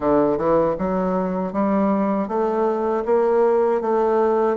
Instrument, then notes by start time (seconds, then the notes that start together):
bassoon
0.00 D3
0.37 E3
0.78 F#3
1.52 G3
2.28 A3
3.05 A#3
3.81 A3